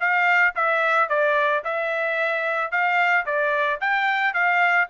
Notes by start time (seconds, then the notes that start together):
0.00 F5
0.55 E5
1.09 D5
1.64 E5
2.71 F5
3.26 D5
3.80 G5
4.34 F5